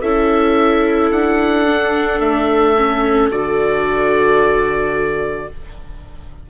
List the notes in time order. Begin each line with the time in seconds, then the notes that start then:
0.00 C#4 E4 A4 E5
1.11 D4 F#5
1.66 D4
2.20 A3 E5
2.76 C#4
3.30 D3 F#4 D5